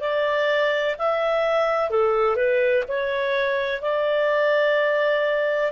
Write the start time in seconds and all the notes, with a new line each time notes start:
0.00 D5
0.98 E5
1.90 A4
2.36 B4
2.88 C#5
3.81 D5